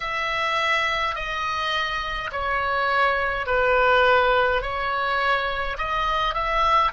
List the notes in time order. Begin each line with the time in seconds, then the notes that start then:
0.00 E5
1.15 D#5
2.31 C#5
3.46 B4
4.62 C#5
5.77 D#5
6.34 E5